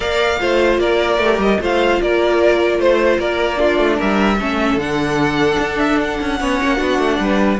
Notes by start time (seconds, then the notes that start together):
0.00 A#3 A#4 D5 F5
0.38 A3 F4 C5
0.78 A#3 A#4 D5
1.18 A3 G4
1.38 G3 D#5
1.60 A3 F4 C5 F5
2.01 A#3 A#4 D5
2.78 A3 C5
3.18 A#3 A#4 D5
3.55 D4 F4
3.78 A3
3.97 G3 A#4 E5
4.39 A3 C#4 A4
4.76 D3 D4 F#5
5.59 D4
5.78 E5
6.01 F#5
6.21 C#4
6.40 B3 C#4 C#5
6.62 A#3
6.76 B3 D4 F#4
6.98 A3
7.19 G3 B4